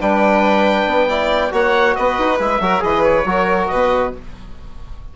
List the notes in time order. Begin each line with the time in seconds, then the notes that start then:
0.00 G3 D4 B4 G5
0.86 B3
1.08 E4 D5
1.51 A#3 F#4 C#5 F#5
1.95 B3 B4 D#5
2.18 D#4
2.38 G#3 E4 E5
2.60 F#3 F#4 A#4
2.79 E3 G#4 B4 D#5
3.03 C#5
3.24 F#3 F#4 A#4
3.67 B2 B4 D#5